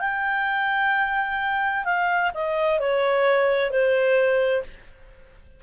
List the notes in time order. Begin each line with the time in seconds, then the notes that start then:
0.00 G5
1.85 F5
2.35 D#5
2.79 C#5
3.71 C5